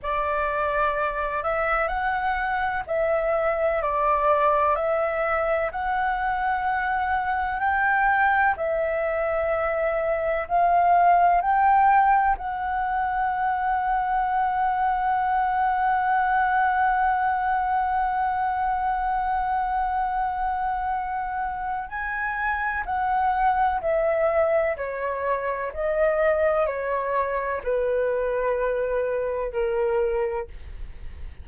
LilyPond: \new Staff \with { instrumentName = "flute" } { \time 4/4 \tempo 4 = 63 d''4. e''8 fis''4 e''4 | d''4 e''4 fis''2 | g''4 e''2 f''4 | g''4 fis''2.~ |
fis''1~ | fis''2. gis''4 | fis''4 e''4 cis''4 dis''4 | cis''4 b'2 ais'4 | }